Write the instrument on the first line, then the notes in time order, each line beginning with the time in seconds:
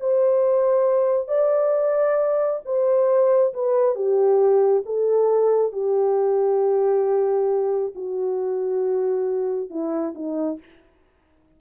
horn
0.00 C5
1.28 D5
2.65 C5
3.54 B4
3.95 G4
4.86 A4
5.73 G4
7.95 F#4
9.70 E4
10.15 D#4